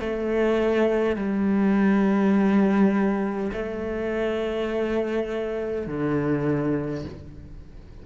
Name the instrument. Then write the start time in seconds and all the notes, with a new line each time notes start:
cello
0.00 A3
1.16 G3
3.53 A3
5.87 D3